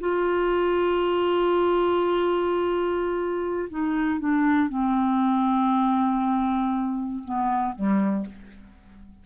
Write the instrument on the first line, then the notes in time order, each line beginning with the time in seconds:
clarinet
0.00 F4
3.69 D#4
4.19 D4
4.68 C4
7.24 B3
7.75 G3